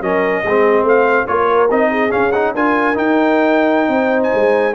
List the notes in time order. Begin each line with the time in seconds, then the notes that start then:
0.00 F#3 C#4 A#4 D#5
0.42 G#3 G#4
0.48 C4
0.82 A3 C5 F5
1.26 A#3 F4 A#4 C#5
1.70 C4 D#4 D#5
1.90 G#4
2.09 C#4 F5
2.31 D#4 F#5
2.54 D4 F4 A#4 G#5
2.94 D#4 G5
3.88 C4 C5
4.22 G#5
4.34 G#3